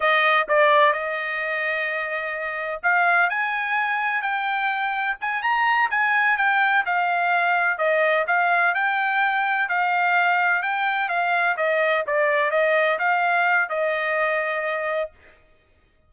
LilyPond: \new Staff \with { instrumentName = "trumpet" } { \time 4/4 \tempo 4 = 127 dis''4 d''4 dis''2~ | dis''2 f''4 gis''4~ | gis''4 g''2 gis''8 ais''8~ | ais''8 gis''4 g''4 f''4.~ |
f''8 dis''4 f''4 g''4.~ | g''8 f''2 g''4 f''8~ | f''8 dis''4 d''4 dis''4 f''8~ | f''4 dis''2. | }